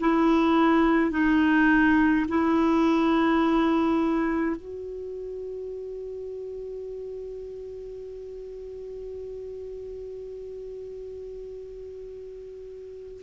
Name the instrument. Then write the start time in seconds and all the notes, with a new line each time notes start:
clarinet
0.00 E4
1.11 D#4
2.29 E4
4.56 F#4